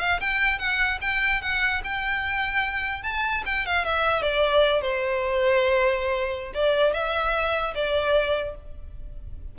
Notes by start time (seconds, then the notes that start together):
0.00 F5
0.21 G5
0.59 F#5
1.01 G5
1.42 F#5
1.84 G5
3.03 A5
3.46 G5
3.66 F5
3.85 E5
4.22 D5
4.82 C5
6.54 D5
6.94 E5
7.75 D5